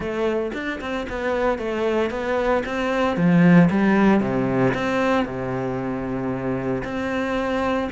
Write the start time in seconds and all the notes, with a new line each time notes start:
0.00 A3
0.53 D4
0.80 C4
1.09 B3
1.58 A3
2.10 B3
2.65 C4
3.16 F3
3.70 G3
4.20 C3
4.73 C4
5.25 C3
6.83 C4